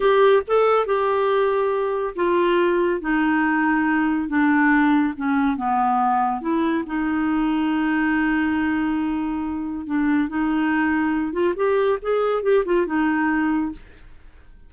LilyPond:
\new Staff \with { instrumentName = "clarinet" } { \time 4/4 \tempo 4 = 140 g'4 a'4 g'2~ | g'4 f'2 dis'4~ | dis'2 d'2 | cis'4 b2 e'4 |
dis'1~ | dis'2. d'4 | dis'2~ dis'8 f'8 g'4 | gis'4 g'8 f'8 dis'2 | }